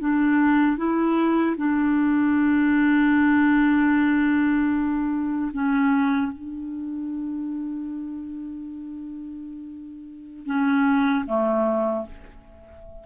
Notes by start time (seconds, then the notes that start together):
0.00 D4
0.77 E4
1.57 D4
5.53 C#4
6.32 D4
10.46 C#4
11.26 A3